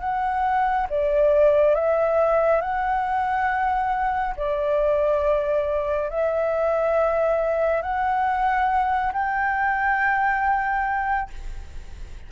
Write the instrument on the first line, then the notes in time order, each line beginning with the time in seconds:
flute
0.00 F#5
0.89 D5
1.75 E5
2.61 F#5
4.36 D5
6.09 E5
7.82 F#5
9.13 G5